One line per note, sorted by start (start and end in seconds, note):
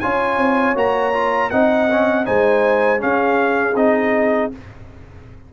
0.00 0.37 C#4
0.00 0.75 F4
0.00 1.51 C#5
0.00 0.75 G#5
0.37 0.74 C4
0.75 1.50 A#3
0.75 1.13 F#4
0.75 1.50 A#5
1.13 1.51 F4
1.50 2.27 C4
1.50 1.90 D#4
1.50 2.26 D#5
1.50 2.25 F#5
1.91 2.25 C#4
2.25 3.03 G#3
2.25 2.99 D#4
2.25 3.01 C5
2.25 3.01 G#5
2.99 3.74 C#4
2.99 3.75 C#4
2.99 4.53 G#4
2.99 3.76 F5
3.75 4.50 C4
3.75 4.52 D#4
3.75 4.51 D#5